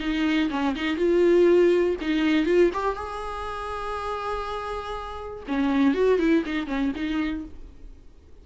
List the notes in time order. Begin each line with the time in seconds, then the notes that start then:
0.00 D#4
0.51 C#4
0.76 D#4
0.97 F4
2.01 D#4
2.46 F4
2.74 G4
2.96 G#4
5.48 C#4
5.95 F#4
6.19 E4
6.46 D#4
6.67 C#4
6.96 D#4